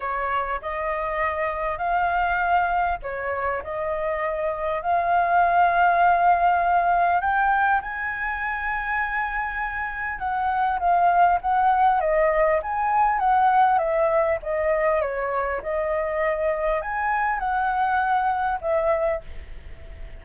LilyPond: \new Staff \with { instrumentName = "flute" } { \time 4/4 \tempo 4 = 100 cis''4 dis''2 f''4~ | f''4 cis''4 dis''2 | f''1 | g''4 gis''2.~ |
gis''4 fis''4 f''4 fis''4 | dis''4 gis''4 fis''4 e''4 | dis''4 cis''4 dis''2 | gis''4 fis''2 e''4 | }